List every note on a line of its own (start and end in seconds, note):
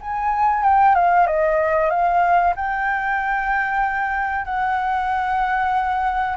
0.00 0.63 G#5
0.63 0.95 G5
0.95 1.26 F5
1.26 1.90 D#5
1.90 2.54 F5
2.55 4.45 G5
4.45 6.36 F#5